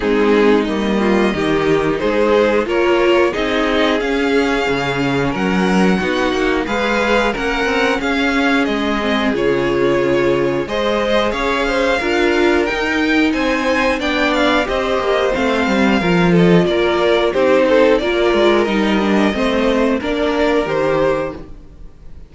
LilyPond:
<<
  \new Staff \with { instrumentName = "violin" } { \time 4/4 \tempo 4 = 90 gis'4 dis''2 c''4 | cis''4 dis''4 f''2 | fis''2 f''4 fis''4 | f''4 dis''4 cis''2 |
dis''4 f''2 g''4 | gis''4 g''8 f''8 dis''4 f''4~ | f''8 dis''8 d''4 c''4 d''4 | dis''2 d''4 c''4 | }
  \new Staff \with { instrumentName = "violin" } { \time 4/4 dis'4. f'8 g'4 gis'4 | ais'4 gis'2. | ais'4 fis'4 b'4 ais'4 | gis'1 |
c''4 cis''8 c''8 ais'2 | c''4 d''4 c''2 | ais'8 a'8 ais'4 g'8 a'8 ais'4~ | ais'4 c''4 ais'2 | }
  \new Staff \with { instrumentName = "viola" } { \time 4/4 c'4 ais4 dis'2 | f'4 dis'4 cis'2~ | cis'4 dis'4 gis'4 cis'4~ | cis'4. c'8 f'2 |
gis'2 f'4 dis'4~ | dis'4 d'4 g'4 c'4 | f'2 dis'4 f'4 | dis'8 d'8 c'4 d'4 g'4 | }
  \new Staff \with { instrumentName = "cello" } { \time 4/4 gis4 g4 dis4 gis4 | ais4 c'4 cis'4 cis4 | fis4 b8 ais8 gis4 ais8 c'8 | cis'4 gis4 cis2 |
gis4 cis'4 d'4 dis'4 | c'4 b4 c'8 ais8 a8 g8 | f4 ais4 c'4 ais8 gis8 | g4 a4 ais4 dis4 | }
>>